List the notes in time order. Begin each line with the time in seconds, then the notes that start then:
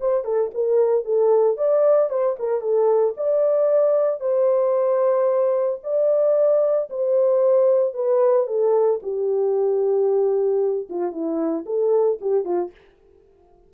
0.00 C5
0.24 A4
0.54 A#4
1.04 A4
1.57 D5
2.09 C5
2.39 A#4
2.61 A4
3.17 D5
4.20 C5
5.83 D5
6.90 C5
7.94 B4
8.47 A4
9.02 G4
10.89 F4
11.12 E4
11.66 A4
12.21 G4
12.44 F4